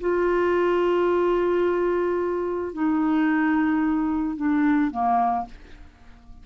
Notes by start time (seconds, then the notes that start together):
0.00 F4
2.73 D#4
4.36 D4
4.91 A#3